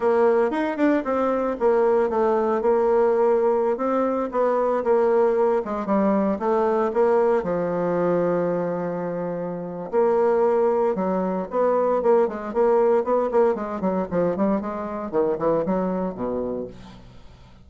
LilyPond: \new Staff \with { instrumentName = "bassoon" } { \time 4/4 \tempo 4 = 115 ais4 dis'8 d'8 c'4 ais4 | a4 ais2~ ais16 c'8.~ | c'16 b4 ais4. gis8 g8.~ | g16 a4 ais4 f4.~ f16~ |
f2. ais4~ | ais4 fis4 b4 ais8 gis8 | ais4 b8 ais8 gis8 fis8 f8 g8 | gis4 dis8 e8 fis4 b,4 | }